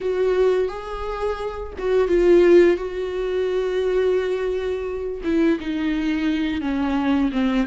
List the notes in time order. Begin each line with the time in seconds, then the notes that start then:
0.00 F#4
0.68 G#4
1.78 F#4
2.08 F4
2.77 F#4
5.23 E4
5.59 D#4
6.61 C#4
7.32 C4